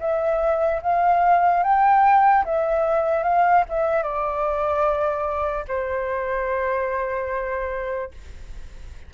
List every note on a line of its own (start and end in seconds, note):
0.00 0.81 E5
0.82 1.63 F5
1.63 2.44 G5
2.44 3.23 E5
3.23 3.64 F5
3.69 4.02 E5
4.02 5.65 D5
5.68 8.11 C5